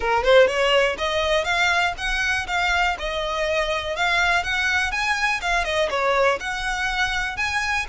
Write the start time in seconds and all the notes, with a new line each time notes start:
0.00 A#4
0.23 C5
0.47 C#5
0.98 D#5
1.44 F5
1.97 F#5
2.47 F5
2.98 D#5
3.95 F5
4.43 F#5
4.91 G#5
5.41 F5
5.64 D#5
5.89 C#5
6.40 F#5
7.37 G#5